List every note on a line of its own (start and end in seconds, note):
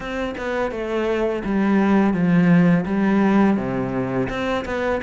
0.00 0.34 C4
0.37 0.71 B3
0.71 1.42 A3
1.44 2.13 G3
2.13 2.84 F3
2.85 3.57 G3
3.57 4.28 C3
4.29 4.65 C4
4.65 5.01 B3